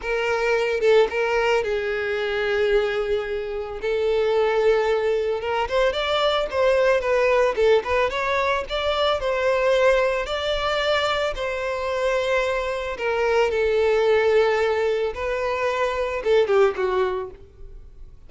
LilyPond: \new Staff \with { instrumentName = "violin" } { \time 4/4 \tempo 4 = 111 ais'4. a'8 ais'4 gis'4~ | gis'2. a'4~ | a'2 ais'8 c''8 d''4 | c''4 b'4 a'8 b'8 cis''4 |
d''4 c''2 d''4~ | d''4 c''2. | ais'4 a'2. | b'2 a'8 g'8 fis'4 | }